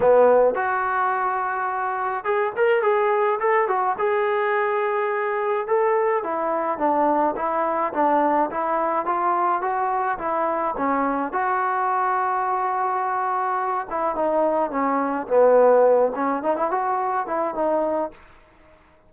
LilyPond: \new Staff \with { instrumentName = "trombone" } { \time 4/4 \tempo 4 = 106 b4 fis'2. | gis'8 ais'8 gis'4 a'8 fis'8 gis'4~ | gis'2 a'4 e'4 | d'4 e'4 d'4 e'4 |
f'4 fis'4 e'4 cis'4 | fis'1~ | fis'8 e'8 dis'4 cis'4 b4~ | b8 cis'8 dis'16 e'16 fis'4 e'8 dis'4 | }